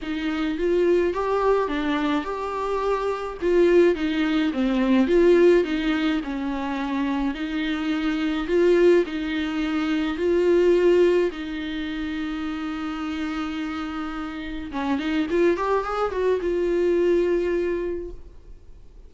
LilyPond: \new Staff \with { instrumentName = "viola" } { \time 4/4 \tempo 4 = 106 dis'4 f'4 g'4 d'4 | g'2 f'4 dis'4 | c'4 f'4 dis'4 cis'4~ | cis'4 dis'2 f'4 |
dis'2 f'2 | dis'1~ | dis'2 cis'8 dis'8 f'8 g'8 | gis'8 fis'8 f'2. | }